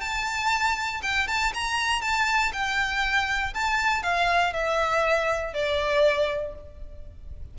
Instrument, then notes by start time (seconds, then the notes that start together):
violin
0.00 A5
1.02 G5
1.27 A5
1.54 A#5
2.01 A5
2.53 G5
3.53 A5
4.02 F5
4.53 E5
5.53 D5